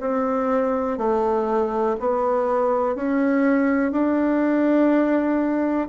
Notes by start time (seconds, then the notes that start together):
0.00 C4
0.97 A3
1.99 B3
2.95 C#4
3.91 D4